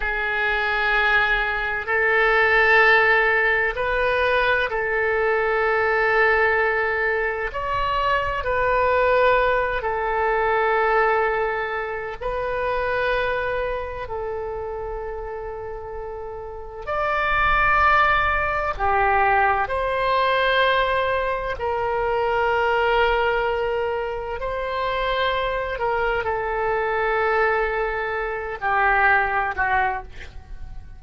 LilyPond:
\new Staff \with { instrumentName = "oboe" } { \time 4/4 \tempo 4 = 64 gis'2 a'2 | b'4 a'2. | cis''4 b'4. a'4.~ | a'4 b'2 a'4~ |
a'2 d''2 | g'4 c''2 ais'4~ | ais'2 c''4. ais'8 | a'2~ a'8 g'4 fis'8 | }